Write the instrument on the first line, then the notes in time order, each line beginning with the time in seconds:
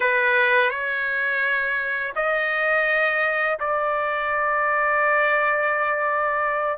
trumpet
0.00 B4
0.70 C#5
2.15 D#5
3.59 D5